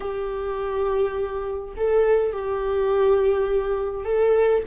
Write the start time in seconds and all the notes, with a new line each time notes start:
0.00 G4
1.76 A4
2.32 G4
4.05 A4